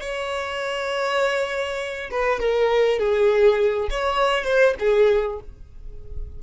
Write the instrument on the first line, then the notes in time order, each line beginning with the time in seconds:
violin
0.00 C#5
2.11 B4
2.39 A#4
2.99 G#4
3.90 C#5
4.44 C5
4.79 G#4